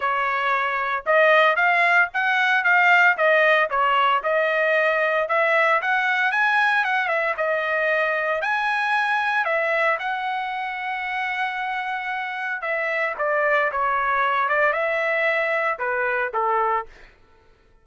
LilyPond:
\new Staff \with { instrumentName = "trumpet" } { \time 4/4 \tempo 4 = 114 cis''2 dis''4 f''4 | fis''4 f''4 dis''4 cis''4 | dis''2 e''4 fis''4 | gis''4 fis''8 e''8 dis''2 |
gis''2 e''4 fis''4~ | fis''1 | e''4 d''4 cis''4. d''8 | e''2 b'4 a'4 | }